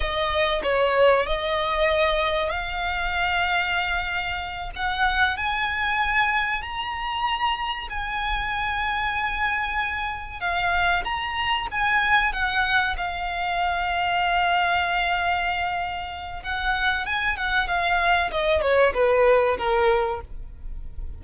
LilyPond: \new Staff \with { instrumentName = "violin" } { \time 4/4 \tempo 4 = 95 dis''4 cis''4 dis''2 | f''2.~ f''8 fis''8~ | fis''8 gis''2 ais''4.~ | ais''8 gis''2.~ gis''8~ |
gis''8 f''4 ais''4 gis''4 fis''8~ | fis''8 f''2.~ f''8~ | f''2 fis''4 gis''8 fis''8 | f''4 dis''8 cis''8 b'4 ais'4 | }